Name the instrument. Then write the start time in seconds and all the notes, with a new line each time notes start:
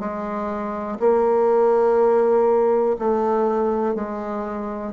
bassoon
0.00 G#3
1.00 A#3
2.99 A3
3.95 G#3